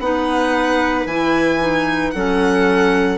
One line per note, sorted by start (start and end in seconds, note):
0.00 1.06 B3
0.00 1.09 D#4
0.00 2.15 B4
0.00 1.07 F#5
1.06 2.13 E3
1.06 1.60 E4
1.06 2.11 G#5
1.60 2.14 D#4
2.11 3.19 F#3
2.11 3.19 C#4
2.11 3.19 A4
2.11 3.18 F#5